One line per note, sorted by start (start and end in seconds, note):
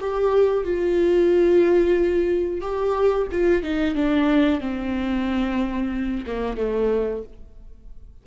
0.00 0.64 G4
0.64 2.61 F4
2.61 3.27 G4
3.32 3.63 F4
3.63 3.95 D#4
3.95 4.61 D4
4.61 6.25 C4
6.26 6.57 A#3
6.57 7.23 A3